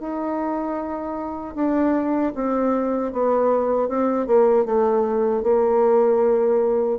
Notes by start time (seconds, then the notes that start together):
0.00 D#4
1.55 D4
2.35 C4
3.13 B3
3.89 C4
4.27 A#3
4.65 A3
5.43 A#3